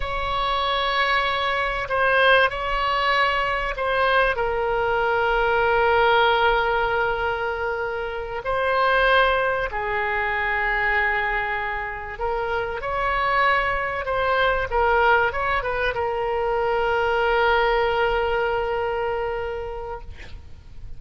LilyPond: \new Staff \with { instrumentName = "oboe" } { \time 4/4 \tempo 4 = 96 cis''2. c''4 | cis''2 c''4 ais'4~ | ais'1~ | ais'4. c''2 gis'8~ |
gis'2.~ gis'8 ais'8~ | ais'8 cis''2 c''4 ais'8~ | ais'8 cis''8 b'8 ais'2~ ais'8~ | ais'1 | }